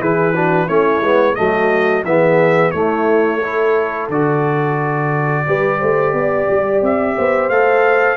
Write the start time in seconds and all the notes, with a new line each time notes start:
0.00 E3 E4 G#4 B4
0.34 D4 F#4
0.66 A3 C#4 E4 C#5
1.01 G#3 B3
1.35 F#3 A3 F#4 D#5
2.04 E3 B3 G#4 E5
2.71 A3 E4 C#5
3.40 E4 A4
4.09 D3 F#4 D5
5.47 G3 G4 B4
5.79 A3 C5
6.13 B3 D5
6.51 G3
6.82 C4 E5
7.16 B3 C5
7.50 A3 A4 F5